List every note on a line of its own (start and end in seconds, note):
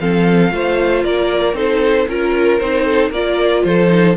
0.00 0.52 F3
0.00 0.51 C4
0.00 0.53 A4
0.00 1.04 F5
0.51 1.03 A3
0.51 1.54 F4
0.51 1.04 C5
1.03 1.53 A#3
1.03 1.57 A#4
1.03 1.56 D5
1.53 2.05 C4
1.53 2.06 D#4
1.53 2.09 A4
1.53 2.08 C5
2.08 2.60 C#4
2.08 2.61 F4
2.08 2.85 A#4
2.08 2.59 A#4
2.59 3.10 C4
2.59 3.13 D#4
2.59 3.11 C5
2.85 3.11 A4
3.10 3.62 A#3
3.10 3.88 F4
3.10 3.63 A#4
3.10 3.64 D5
3.64 4.17 F3
3.64 4.17 A4
3.64 4.16 C5
3.88 4.14 D#4